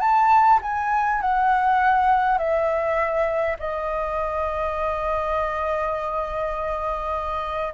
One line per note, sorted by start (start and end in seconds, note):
0.00 0.59 A5
0.62 1.21 G#5
1.21 2.38 F#5
2.38 3.57 E5
3.59 7.74 D#5